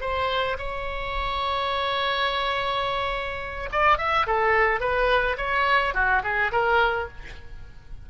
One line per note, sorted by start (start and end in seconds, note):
0.00 0.57 C5
0.58 3.69 C#5
3.71 3.98 D5
3.98 4.26 E5
4.26 4.80 A4
4.80 5.36 B4
5.37 5.94 C#5
5.94 6.22 F#4
6.23 6.51 G#4
6.51 7.08 A#4